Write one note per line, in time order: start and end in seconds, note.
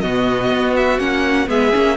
0.00 0.50 B2
0.00 0.99 B3
0.00 1.48 F#4
0.00 0.73 D#5
0.50 0.98 B3
0.76 0.99 E5
0.98 1.47 A#3
0.98 1.47 C#4
0.98 1.48 F#5
1.47 1.72 G#3
1.47 1.71 B3
1.47 1.96 G#4
1.47 1.96 E5
1.73 1.96 A#3
1.73 1.96 C#4